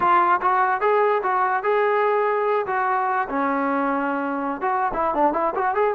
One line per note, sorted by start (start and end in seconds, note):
0.00 0.40 F4
0.41 0.81 F#4
0.81 1.22 G#4
1.23 1.63 F#4
1.63 2.65 G#4
2.66 3.28 F#4
3.28 4.61 C#4
4.61 4.92 F#4
4.93 5.14 E4
5.14 5.33 D4
5.33 5.53 E4
5.54 5.74 F#4
5.74 5.94 G#4